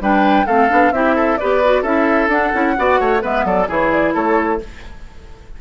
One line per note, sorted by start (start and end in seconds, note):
0.00 0.46 G3
0.00 0.46 D4
0.00 0.46 B4
0.00 0.46 G5
0.46 0.70 A3
0.46 0.69 C4
0.46 0.92 A4
0.46 0.92 F5
0.69 0.91 B3
0.69 0.92 D4
0.91 1.37 C4
0.91 1.39 E4
0.91 1.15 G4
0.91 1.37 E5
1.15 1.38 A4
1.37 1.82 B3
1.37 1.63 G4
1.37 1.82 B4
1.37 1.83 D5
1.64 1.84 F#4
1.82 2.28 C#4
1.82 2.29 E4
1.82 2.73 A4
1.82 2.29 E5
2.28 2.51 D4
2.28 2.52 D4
2.28 3.22 F#5
2.53 2.77 C#4
2.53 2.76 E4
2.77 3.00 B3
2.77 3.20 F#4
2.77 3.00 D5
3.00 3.23 A3
3.00 3.22 C#5
3.20 3.44 G#3
3.20 3.66 B3
3.20 3.44 B4
3.20 3.46 E5
3.44 3.67 F#3
3.44 3.68 A4
3.44 3.69 D5
3.68 4.14 E3
3.68 4.59 E4
3.68 4.14 G#4
3.68 3.91 C#5
3.91 4.14 D5
4.14 4.60 A3
4.14 4.59 A4
4.14 4.60 C#5